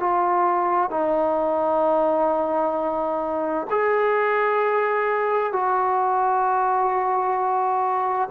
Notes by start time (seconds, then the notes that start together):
0.00 F4
0.90 D#4
3.70 G#4
5.53 F#4